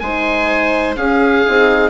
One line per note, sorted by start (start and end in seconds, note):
0.00 0.97 G#3
0.00 0.97 D#4
0.00 0.97 C5
0.00 0.95 G#5
0.97 1.44 C#4
0.97 1.90 G#4
0.97 1.90 F5
1.46 1.90 C4
1.46 1.90 D#4